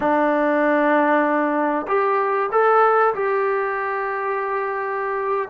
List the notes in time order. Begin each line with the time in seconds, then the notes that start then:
0.00 D4
1.87 G4
2.51 A4
3.14 G4